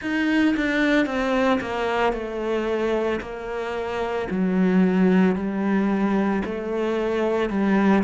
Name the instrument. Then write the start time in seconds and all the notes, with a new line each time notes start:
cello
0.01 D#4
0.56 D4
1.06 C4
1.61 A#3
2.12 A3
3.20 A#3
4.30 F#3
5.35 G3
6.44 A3
7.50 G3